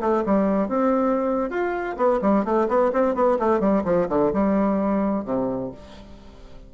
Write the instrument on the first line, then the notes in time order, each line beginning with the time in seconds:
bassoon
0.00 A3
0.25 G3
0.68 C4
1.50 F4
1.97 B3
2.21 G3
2.44 A3
2.68 B3
2.92 C4
3.14 B3
3.39 A3
3.59 G3
3.84 F3
4.08 D3
4.33 G3
5.25 C3